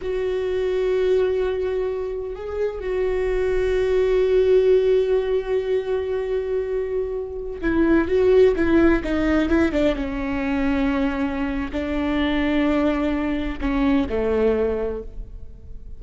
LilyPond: \new Staff \with { instrumentName = "viola" } { \time 4/4 \tempo 4 = 128 fis'1~ | fis'4 gis'4 fis'2~ | fis'1~ | fis'1~ |
fis'16 e'4 fis'4 e'4 dis'8.~ | dis'16 e'8 d'8 cis'2~ cis'8.~ | cis'4 d'2.~ | d'4 cis'4 a2 | }